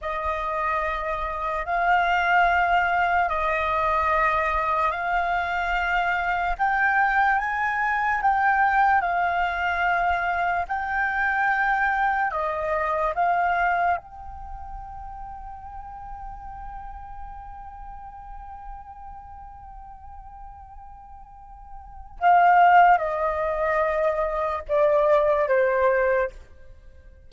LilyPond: \new Staff \with { instrumentName = "flute" } { \time 4/4 \tempo 4 = 73 dis''2 f''2 | dis''2 f''2 | g''4 gis''4 g''4 f''4~ | f''4 g''2 dis''4 |
f''4 g''2.~ | g''1~ | g''2. f''4 | dis''2 d''4 c''4 | }